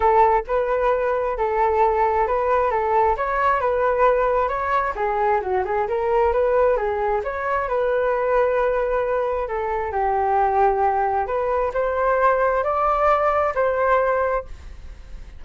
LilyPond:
\new Staff \with { instrumentName = "flute" } { \time 4/4 \tempo 4 = 133 a'4 b'2 a'4~ | a'4 b'4 a'4 cis''4 | b'2 cis''4 gis'4 | fis'8 gis'8 ais'4 b'4 gis'4 |
cis''4 b'2.~ | b'4 a'4 g'2~ | g'4 b'4 c''2 | d''2 c''2 | }